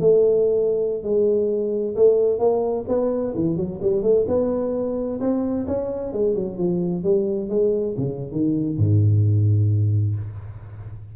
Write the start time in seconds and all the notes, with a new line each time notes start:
0.00 A3
1.03 G#3
1.96 A3
2.39 A#3
2.88 B3
3.35 E3
3.56 F#3
3.82 G3
4.02 A3
4.28 B3
5.20 C4
5.67 C#4
6.13 G#3
6.35 F#3
6.58 F3
7.04 G3
7.49 G#3
7.98 C#3
8.32 D#3
8.78 G#2